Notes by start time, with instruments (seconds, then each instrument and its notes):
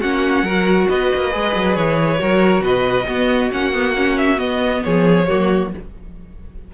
0.00 cello A#3, viola C#4, violin F#4 F#5
0.42 cello F#3, viola F#4, violin A#4
0.89 cello B3, violin B4 D#5
1.15 cello A#3
1.31 cello G#3, viola G#4
1.55 cello F#3
1.75 cello E3, violin C#5
2.18 cello F#3, viola F#4, violin A#4
2.60 cello B2, violin B4 D#5
3.07 viola B3, cello B3, violin F#4
3.51 cello A#3, viola C#4, violin F#5
3.73 viola B3
3.96 viola C#4
4.18 violin E5
4.36 viola B3, cello B3, violin D#5
4.83 cello F3, violin G#4 C#5
5.28 cello F#3, viola A#3, violin F#4